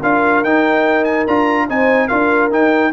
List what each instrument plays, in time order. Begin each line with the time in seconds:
0.00 tuba D4, trombone F4, horn A#4, trumpet F5
0.43 tuba D#4, trombone D#4, trumpet G5
1.04 trumpet G#5
1.27 tuba D4, trombone F4, trumpet A#5
1.68 tuba C4, trombone D#4, horn C5, trumpet G#5
2.08 tuba D4, trombone F4, horn A#4, trumpet F5
2.51 tuba D#4, trombone D#4, trumpet G5